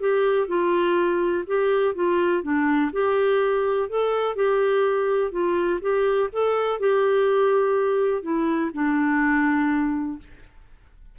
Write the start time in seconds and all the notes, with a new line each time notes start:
0.00 G4
0.48 F4
1.47 G4
1.95 F4
2.43 D4
2.92 G4
3.89 A4
4.36 G4
5.31 F4
5.81 G4
6.32 A4
6.80 G4
8.22 E4
8.73 D4